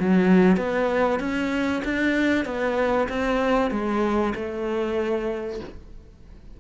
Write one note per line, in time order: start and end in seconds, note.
0.00 0.57 F#3
0.57 1.20 B3
1.20 1.83 C#4
1.85 2.45 D4
2.45 3.08 B3
3.09 3.71 C4
3.71 4.34 G#3
4.36 5.61 A3